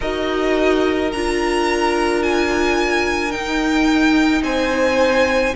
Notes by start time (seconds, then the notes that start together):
0.00 D#4 F#4 A#4 D#5
1.12 D4 F4 A#5
2.22 G#5
3.30 D#4 G5
4.42 C4 C5 G#5